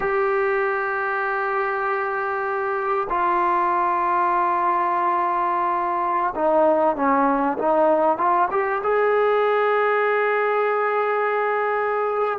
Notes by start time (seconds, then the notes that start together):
0.00 G4
3.09 F4
6.35 D#4
6.96 C#4
7.58 D#4
8.17 F4
8.51 G4
8.83 G#4